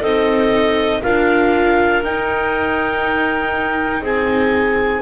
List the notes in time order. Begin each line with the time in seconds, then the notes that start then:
0.00 C4 D#4 A4 D#5
1.02 D4 F4 A#4 F5
2.03 D#4 G5
4.01 C4 G#4 G#5